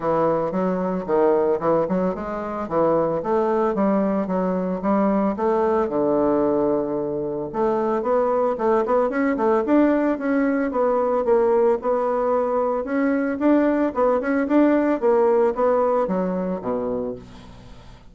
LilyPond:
\new Staff \with { instrumentName = "bassoon" } { \time 4/4 \tempo 4 = 112 e4 fis4 dis4 e8 fis8 | gis4 e4 a4 g4 | fis4 g4 a4 d4~ | d2 a4 b4 |
a8 b8 cis'8 a8 d'4 cis'4 | b4 ais4 b2 | cis'4 d'4 b8 cis'8 d'4 | ais4 b4 fis4 b,4 | }